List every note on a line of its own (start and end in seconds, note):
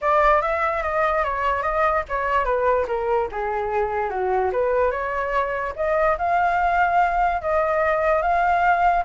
0.01 0.41 D5
0.41 0.82 E5
0.82 1.23 D#5
1.24 1.62 C#5
1.62 2.03 D#5
2.08 2.45 C#5
2.45 2.86 B4
2.87 3.28 A#4
3.31 4.09 G#4
4.09 4.51 F#4
4.52 4.91 B4
4.91 5.73 C#5
5.76 6.17 D#5
6.18 7.41 F5
7.41 8.22 D#5
8.22 9.04 F5